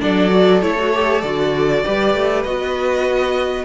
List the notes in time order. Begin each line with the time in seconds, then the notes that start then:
0.00 F#3 D4 A4 D5
0.30 F#4
0.62 A3 E4 C#5
0.79 F#4
0.94 G4
1.22 D3 F#4 D5
1.85 G3 G4 B4
2.14 A3
2.44 B3 F#4 D#5